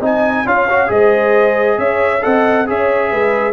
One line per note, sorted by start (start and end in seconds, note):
0.00 0.44 C4
0.00 0.46 D#4
0.00 0.44 D#5
0.00 0.47 G#5
0.45 0.89 C#4
0.45 0.68 F4
0.45 0.89 C#5
0.45 0.90 F5
0.69 0.87 F#4
0.87 1.78 G#3
0.87 2.19 G#4
0.87 1.78 C5
0.87 1.79 D#5
1.78 2.22 C#4
1.78 2.22 C#5
1.78 2.23 E5
2.21 2.68 C4
2.21 2.65 A4
2.21 2.67 D#5
2.21 2.67 F#5
2.66 3.12 C#4
2.66 3.52 G#4
2.66 3.10 C#5
2.66 3.52 E5
3.10 3.52 G#3
3.10 3.52 B4